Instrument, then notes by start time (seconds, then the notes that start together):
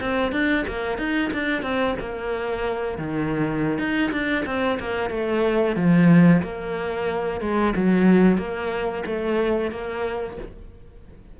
cello
0.00 C4
0.32 D4
0.67 A#3
0.98 D#4
1.33 D4
1.62 C4
2.00 A#3
2.98 D#3
3.78 D#4
4.11 D4
4.46 C4
4.80 A#3
5.10 A3
5.76 F3
6.42 A#3
7.41 G#3
7.76 F#3
8.38 A#3
9.06 A3
9.71 A#3